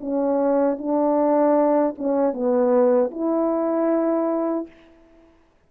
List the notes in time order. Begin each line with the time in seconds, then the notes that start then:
0.00 C#4
0.78 D4
1.98 C#4
2.33 B3
3.10 E4